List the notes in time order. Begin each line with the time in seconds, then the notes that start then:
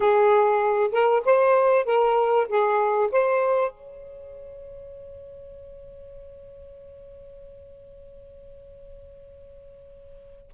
0.00 G#4
0.91 A#4
1.25 C5
1.85 A#4
2.48 G#4
3.11 C5
3.71 C#5